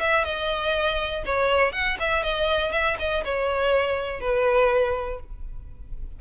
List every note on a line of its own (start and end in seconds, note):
0.00 0.24 E5
0.24 1.24 D#5
1.26 1.72 C#5
1.72 1.97 F#5
1.99 2.23 E5
2.23 2.72 D#5
2.72 2.97 E5
2.99 3.24 D#5
3.24 4.20 C#5
4.20 5.20 B4